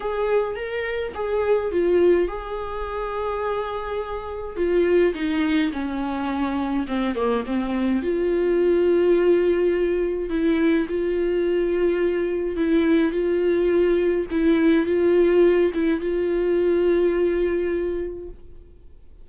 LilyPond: \new Staff \with { instrumentName = "viola" } { \time 4/4 \tempo 4 = 105 gis'4 ais'4 gis'4 f'4 | gis'1 | f'4 dis'4 cis'2 | c'8 ais8 c'4 f'2~ |
f'2 e'4 f'4~ | f'2 e'4 f'4~ | f'4 e'4 f'4. e'8 | f'1 | }